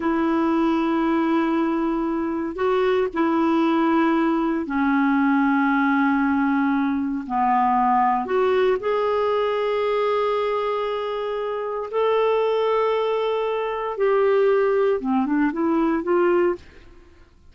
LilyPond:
\new Staff \with { instrumentName = "clarinet" } { \time 4/4 \tempo 4 = 116 e'1~ | e'4 fis'4 e'2~ | e'4 cis'2.~ | cis'2 b2 |
fis'4 gis'2.~ | gis'2. a'4~ | a'2. g'4~ | g'4 c'8 d'8 e'4 f'4 | }